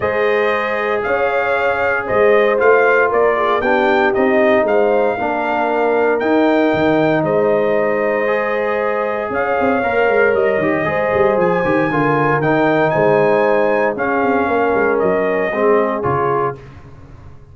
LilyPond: <<
  \new Staff \with { instrumentName = "trumpet" } { \time 4/4 \tempo 4 = 116 dis''2 f''2 | dis''4 f''4 d''4 g''4 | dis''4 f''2. | g''2 dis''2~ |
dis''2 f''2 | dis''2 gis''2 | g''4 gis''2 f''4~ | f''4 dis''2 cis''4 | }
  \new Staff \with { instrumentName = "horn" } { \time 4/4 c''2 cis''2 | c''2 ais'8 gis'8 g'4~ | g'4 c''4 ais'2~ | ais'2 c''2~ |
c''2 cis''2~ | cis''4 c''2 ais'4~ | ais'4 c''2 gis'4 | ais'2 gis'2 | }
  \new Staff \with { instrumentName = "trombone" } { \time 4/4 gis'1~ | gis'4 f'2 d'4 | dis'2 d'2 | dis'1 |
gis'2. ais'4~ | ais'8 g'8 gis'4. g'8 f'4 | dis'2. cis'4~ | cis'2 c'4 f'4 | }
  \new Staff \with { instrumentName = "tuba" } { \time 4/4 gis2 cis'2 | gis4 a4 ais4 b4 | c'4 gis4 ais2 | dis'4 dis4 gis2~ |
gis2 cis'8 c'8 ais8 gis8 | g8 dis8 gis8 g8 f8 dis8 d4 | dis4 gis2 cis'8 c'8 | ais8 gis8 fis4 gis4 cis4 | }
>>